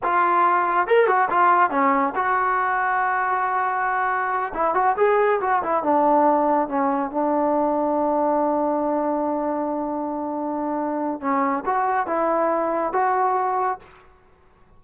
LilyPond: \new Staff \with { instrumentName = "trombone" } { \time 4/4 \tempo 4 = 139 f'2 ais'8 fis'8 f'4 | cis'4 fis'2.~ | fis'2~ fis'8 e'8 fis'8 gis'8~ | gis'8 fis'8 e'8 d'2 cis'8~ |
cis'8 d'2.~ d'8~ | d'1~ | d'2 cis'4 fis'4 | e'2 fis'2 | }